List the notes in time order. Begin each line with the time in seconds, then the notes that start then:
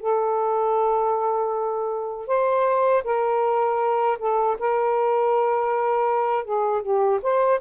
0.00 A4
2.27 C5
3.04 A#4
4.19 A4
4.59 A#4
6.45 G#4
6.82 G4
7.22 C5